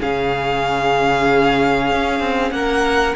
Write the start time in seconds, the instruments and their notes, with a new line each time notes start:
0.00 cello C#3, viola C#4, violin G#4 F5
1.91 cello C#4
2.20 cello C4
2.51 cello A#3, violin A#4 F#5